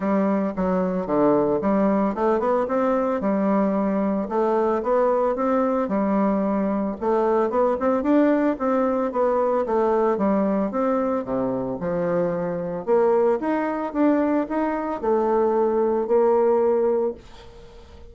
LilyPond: \new Staff \with { instrumentName = "bassoon" } { \time 4/4 \tempo 4 = 112 g4 fis4 d4 g4 | a8 b8 c'4 g2 | a4 b4 c'4 g4~ | g4 a4 b8 c'8 d'4 |
c'4 b4 a4 g4 | c'4 c4 f2 | ais4 dis'4 d'4 dis'4 | a2 ais2 | }